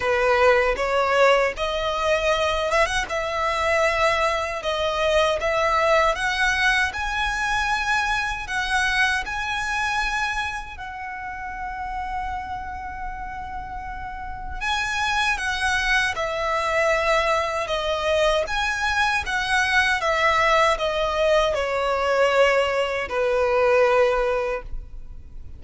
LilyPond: \new Staff \with { instrumentName = "violin" } { \time 4/4 \tempo 4 = 78 b'4 cis''4 dis''4. e''16 fis''16 | e''2 dis''4 e''4 | fis''4 gis''2 fis''4 | gis''2 fis''2~ |
fis''2. gis''4 | fis''4 e''2 dis''4 | gis''4 fis''4 e''4 dis''4 | cis''2 b'2 | }